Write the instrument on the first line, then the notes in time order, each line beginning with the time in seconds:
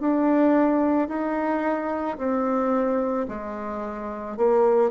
bassoon
0.00 D4
1.08 D#4
2.17 C4
3.28 G#3
4.36 A#3